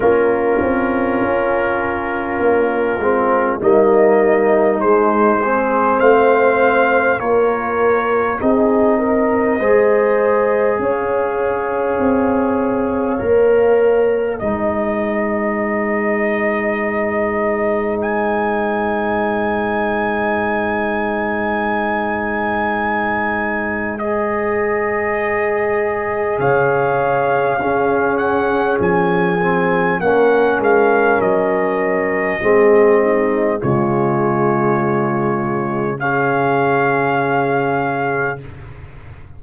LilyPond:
<<
  \new Staff \with { instrumentName = "trumpet" } { \time 4/4 \tempo 4 = 50 ais'2. dis''4 | c''4 f''4 cis''4 dis''4~ | dis''4 f''2. | dis''2. gis''4~ |
gis''1 | dis''2 f''4. fis''8 | gis''4 fis''8 f''8 dis''2 | cis''2 f''2 | }
  \new Staff \with { instrumentName = "horn" } { \time 4/4 f'2. dis'4~ | dis'8 gis'8 c''4 ais'4 gis'8 ais'8 | c''4 cis''2. | c''1~ |
c''1~ | c''2 cis''4 gis'4~ | gis'4 ais'2 gis'8 dis'8 | f'2 gis'2 | }
  \new Staff \with { instrumentName = "trombone" } { \time 4/4 cis'2~ cis'8 c'8 ais4 | gis8 c'4. f'4 dis'4 | gis'2. ais'4 | dis'1~ |
dis'1 | gis'2. cis'4~ | cis'8 c'8 cis'2 c'4 | gis2 cis'2 | }
  \new Staff \with { instrumentName = "tuba" } { \time 4/4 ais8 c'8 cis'4 ais8 gis8 g4 | gis4 a4 ais4 c'4 | gis4 cis'4 c'4 ais4 | gis1~ |
gis1~ | gis2 cis4 cis'4 | f4 ais8 gis8 fis4 gis4 | cis1 | }
>>